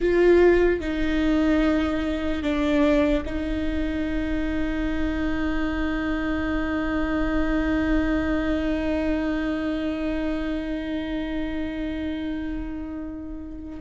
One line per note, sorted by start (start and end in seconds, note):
0.00 0.80 F4
0.80 2.42 D#4
2.42 3.23 D4
3.25 13.79 D#4